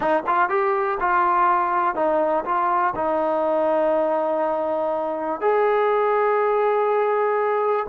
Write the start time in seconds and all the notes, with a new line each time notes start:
0.00 D#4
0.26 F4
0.49 G4
1.00 F4
1.95 D#4
2.45 F4
2.95 D#4
5.40 G#4